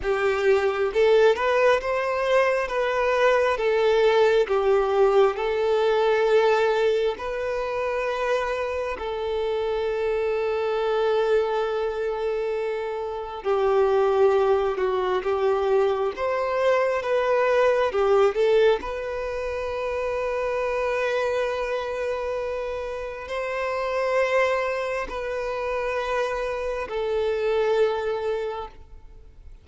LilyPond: \new Staff \with { instrumentName = "violin" } { \time 4/4 \tempo 4 = 67 g'4 a'8 b'8 c''4 b'4 | a'4 g'4 a'2 | b'2 a'2~ | a'2. g'4~ |
g'8 fis'8 g'4 c''4 b'4 | g'8 a'8 b'2.~ | b'2 c''2 | b'2 a'2 | }